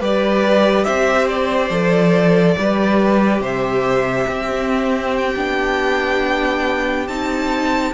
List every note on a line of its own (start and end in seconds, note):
0.00 0.86 G3
0.00 1.71 G4
0.00 0.85 B4
0.00 0.84 D5
0.84 1.70 C4
0.84 2.56 C5
0.84 1.27 E5
1.28 3.43 D5
1.70 2.56 F3
1.70 2.56 A4
2.58 3.40 G3
2.58 4.49 G4
2.58 3.41 B4
3.40 4.26 C3
3.40 4.27 C5
3.40 5.16 E5
4.28 5.35 C4
4.28 7.93 G4
4.49 5.35 C4
5.16 7.08 G5
5.36 7.08 B3
5.36 7.07 D4
7.08 7.93 C4
7.08 7.93 D#4
7.08 7.93 A5